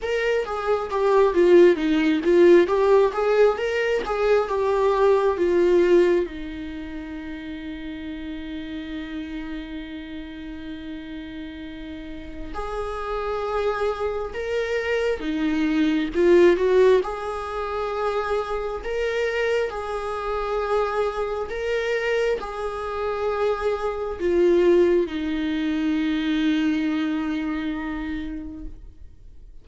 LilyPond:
\new Staff \with { instrumentName = "viola" } { \time 4/4 \tempo 4 = 67 ais'8 gis'8 g'8 f'8 dis'8 f'8 g'8 gis'8 | ais'8 gis'8 g'4 f'4 dis'4~ | dis'1~ | dis'2 gis'2 |
ais'4 dis'4 f'8 fis'8 gis'4~ | gis'4 ais'4 gis'2 | ais'4 gis'2 f'4 | dis'1 | }